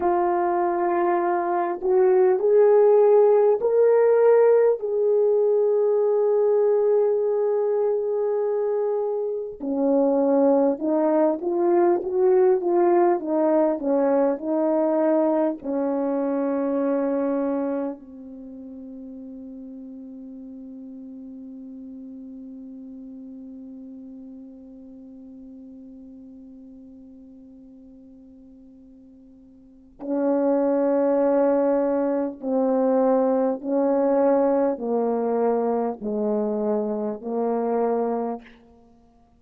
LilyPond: \new Staff \with { instrumentName = "horn" } { \time 4/4 \tempo 4 = 50 f'4. fis'8 gis'4 ais'4 | gis'1 | cis'4 dis'8 f'8 fis'8 f'8 dis'8 cis'8 | dis'4 cis'2 c'4~ |
c'1~ | c'1~ | c'4 cis'2 c'4 | cis'4 ais4 gis4 ais4 | }